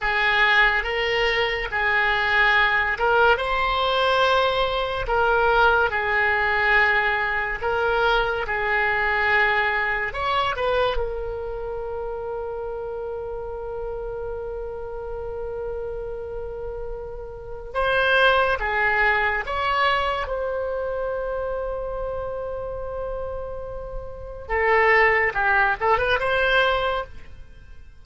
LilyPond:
\new Staff \with { instrumentName = "oboe" } { \time 4/4 \tempo 4 = 71 gis'4 ais'4 gis'4. ais'8 | c''2 ais'4 gis'4~ | gis'4 ais'4 gis'2 | cis''8 b'8 ais'2.~ |
ais'1~ | ais'4 c''4 gis'4 cis''4 | c''1~ | c''4 a'4 g'8 a'16 b'16 c''4 | }